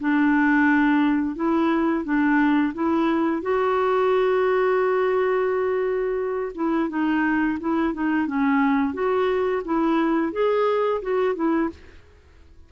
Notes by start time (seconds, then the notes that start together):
0.00 D4
1.35 E4
2.04 D4
2.74 E4
3.42 F#4
6.55 E4
6.89 D#4
7.60 E4
7.93 D#4
8.27 C#4
8.93 F#4
9.65 E4
10.32 G#4
11.02 F#4
11.35 E4